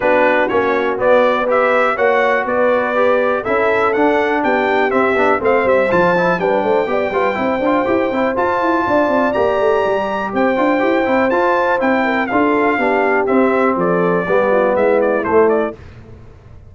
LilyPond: <<
  \new Staff \with { instrumentName = "trumpet" } { \time 4/4 \tempo 4 = 122 b'4 cis''4 d''4 e''4 | fis''4 d''2 e''4 | fis''4 g''4 e''4 f''8 e''8 | a''4 g''2.~ |
g''4 a''2 ais''4~ | ais''4 g''2 a''4 | g''4 f''2 e''4 | d''2 e''8 d''8 c''8 d''8 | }
  \new Staff \with { instrumentName = "horn" } { \time 4/4 fis'2. b'4 | cis''4 b'2 a'4~ | a'4 g'2 c''4~ | c''4 b'8 c''8 d''8 b'8 c''4~ |
c''2 d''2~ | d''4 c''2.~ | c''8 ais'8 a'4 g'2 | a'4 g'8 f'8 e'2 | }
  \new Staff \with { instrumentName = "trombone" } { \time 4/4 d'4 cis'4 b4 g'4 | fis'2 g'4 e'4 | d'2 c'8 d'8 c'4 | f'8 e'8 d'4 g'8 f'8 e'8 f'8 |
g'8 e'8 f'2 g'4~ | g'4. f'8 g'8 e'8 f'4 | e'4 f'4 d'4 c'4~ | c'4 b2 a4 | }
  \new Staff \with { instrumentName = "tuba" } { \time 4/4 b4 ais4 b2 | ais4 b2 cis'4 | d'4 b4 c'8 b8 a8 g8 | f4 g8 a8 b8 g8 c'8 d'8 |
e'8 c'8 f'8 e'8 d'8 c'8 ais8 a8 | g4 c'8 d'8 e'8 c'8 f'4 | c'4 d'4 b4 c'4 | f4 g4 gis4 a4 | }
>>